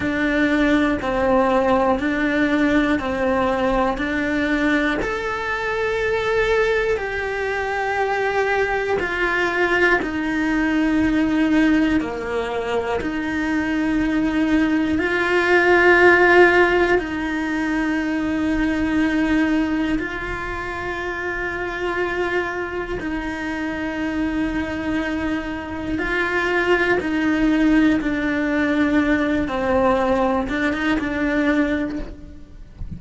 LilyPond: \new Staff \with { instrumentName = "cello" } { \time 4/4 \tempo 4 = 60 d'4 c'4 d'4 c'4 | d'4 a'2 g'4~ | g'4 f'4 dis'2 | ais4 dis'2 f'4~ |
f'4 dis'2. | f'2. dis'4~ | dis'2 f'4 dis'4 | d'4. c'4 d'16 dis'16 d'4 | }